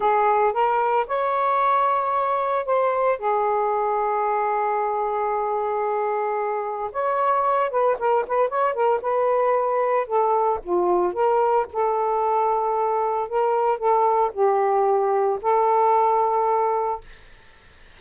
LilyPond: \new Staff \with { instrumentName = "saxophone" } { \time 4/4 \tempo 4 = 113 gis'4 ais'4 cis''2~ | cis''4 c''4 gis'2~ | gis'1~ | gis'4 cis''4. b'8 ais'8 b'8 |
cis''8 ais'8 b'2 a'4 | f'4 ais'4 a'2~ | a'4 ais'4 a'4 g'4~ | g'4 a'2. | }